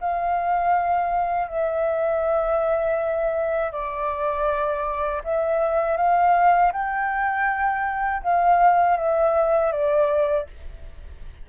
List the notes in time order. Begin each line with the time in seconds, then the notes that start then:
0.00 F5
1.48 E5
3.71 D5
5.24 E5
5.97 F5
6.72 G5
8.22 F5
8.97 E5
9.72 D5